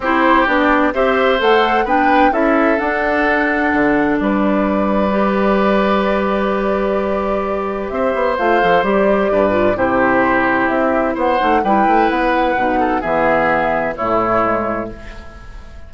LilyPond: <<
  \new Staff \with { instrumentName = "flute" } { \time 4/4 \tempo 4 = 129 c''4 d''4 e''4 fis''4 | g''4 e''4 fis''2~ | fis''4 d''2.~ | d''1~ |
d''4 e''4 f''4 d''4~ | d''4 c''2 e''4 | fis''4 g''4 fis''2 | e''2 cis''2 | }
  \new Staff \with { instrumentName = "oboe" } { \time 4/4 g'2 c''2 | b'4 a'2.~ | a'4 b'2.~ | b'1~ |
b'4 c''2. | b'4 g'2. | c''4 b'2~ b'8 a'8 | gis'2 e'2 | }
  \new Staff \with { instrumentName = "clarinet" } { \time 4/4 e'4 d'4 g'4 a'4 | d'4 e'4 d'2~ | d'2. g'4~ | g'1~ |
g'2 f'8 a'8 g'4~ | g'8 f'8 e'2.~ | e'8 dis'8 e'2 dis'4 | b2 a4 gis4 | }
  \new Staff \with { instrumentName = "bassoon" } { \time 4/4 c'4 b4 c'4 a4 | b4 cis'4 d'2 | d4 g2.~ | g1~ |
g4 c'8 b8 a8 f8 g4 | g,4 c2 c'4 | b8 a8 g8 a8 b4 b,4 | e2 a,2 | }
>>